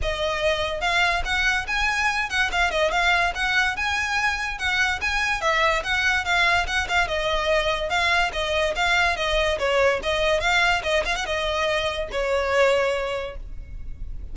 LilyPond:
\new Staff \with { instrumentName = "violin" } { \time 4/4 \tempo 4 = 144 dis''2 f''4 fis''4 | gis''4. fis''8 f''8 dis''8 f''4 | fis''4 gis''2 fis''4 | gis''4 e''4 fis''4 f''4 |
fis''8 f''8 dis''2 f''4 | dis''4 f''4 dis''4 cis''4 | dis''4 f''4 dis''8 f''16 fis''16 dis''4~ | dis''4 cis''2. | }